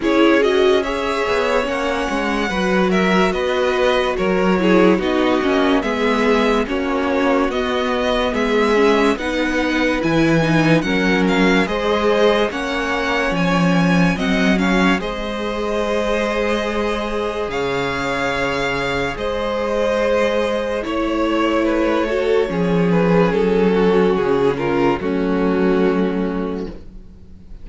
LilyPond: <<
  \new Staff \with { instrumentName = "violin" } { \time 4/4 \tempo 4 = 72 cis''8 dis''8 e''4 fis''4. e''8 | dis''4 cis''4 dis''4 e''4 | cis''4 dis''4 e''4 fis''4 | gis''4 fis''8 f''8 dis''4 fis''4 |
gis''4 fis''8 f''8 dis''2~ | dis''4 f''2 dis''4~ | dis''4 cis''2~ cis''8 b'8 | a'4 gis'8 ais'8 fis'2 | }
  \new Staff \with { instrumentName = "violin" } { \time 4/4 gis'4 cis''2 b'8 ais'8 | b'4 ais'8 gis'8 fis'4 gis'4 | fis'2 gis'4 b'4~ | b'4 ais'4 c''4 cis''4~ |
cis''4 dis''8 cis''8 c''2~ | c''4 cis''2 c''4~ | c''4 cis''4 b'8 a'8 gis'4~ | gis'8 fis'4 f'8 cis'2 | }
  \new Staff \with { instrumentName = "viola" } { \time 4/4 e'8 fis'8 gis'4 cis'4 fis'4~ | fis'4. e'8 dis'8 cis'8 b4 | cis'4 b4. cis'8 dis'4 | e'8 dis'8 cis'4 gis'4 cis'4~ |
cis'4 c'8 cis'8 gis'2~ | gis'1~ | gis'4 e'4. fis'8 cis'4~ | cis'2 a2 | }
  \new Staff \with { instrumentName = "cello" } { \time 4/4 cis'4. b8 ais8 gis8 fis4 | b4 fis4 b8 ais8 gis4 | ais4 b4 gis4 b4 | e4 fis4 gis4 ais4 |
f4 fis4 gis2~ | gis4 cis2 gis4~ | gis4 a2 f4 | fis4 cis4 fis2 | }
>>